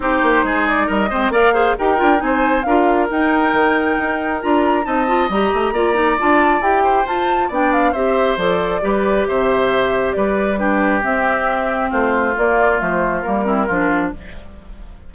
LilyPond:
<<
  \new Staff \with { instrumentName = "flute" } { \time 4/4 \tempo 4 = 136 c''4. d''8 dis''4 f''4 | g''4 gis''4 f''4 g''4~ | g''2 ais''4 a''4 | ais''2 a''4 g''4 |
a''4 g''8 f''8 e''4 d''4~ | d''4 e''2 d''4 | b'4 e''2 c''4 | d''4 c''4 ais'2 | }
  \new Staff \with { instrumentName = "oboe" } { \time 4/4 g'4 gis'4 ais'8 c''8 d''8 c''8 | ais'4 c''4 ais'2~ | ais'2. dis''4~ | dis''4 d''2~ d''8 c''8~ |
c''4 d''4 c''2 | b'4 c''2 b'4 | g'2. f'4~ | f'2~ f'8 e'8 f'4 | }
  \new Staff \with { instrumentName = "clarinet" } { \time 4/4 dis'2~ dis'8 c'8 ais'8 gis'8 | g'8 f'8 dis'4 f'4 dis'4~ | dis'2 f'4 dis'8 f'8 | g'4 f'8 dis'8 f'4 g'4 |
f'4 d'4 g'4 a'4 | g'1 | d'4 c'2. | ais4 a4 ais8 c'8 d'4 | }
  \new Staff \with { instrumentName = "bassoon" } { \time 4/4 c'8 ais8 gis4 g8 gis8 ais4 | dis'8 d'8 c'4 d'4 dis'4 | dis4 dis'4 d'4 c'4 | g8 a8 ais4 d'4 e'4 |
f'4 b4 c'4 f4 | g4 c2 g4~ | g4 c'2 a4 | ais4 f4 g4 f4 | }
>>